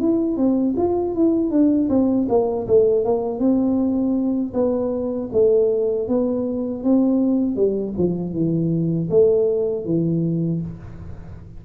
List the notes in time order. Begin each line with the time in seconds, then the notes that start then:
0.00 E4
0.37 C4
0.77 F4
1.15 E4
1.51 D4
1.90 C4
2.29 A#3
2.68 A3
3.05 A#3
3.40 C4
4.54 B3
5.33 A3
6.09 B3
6.84 C4
7.56 G3
7.98 F3
8.33 E3
9.10 A3
9.86 E3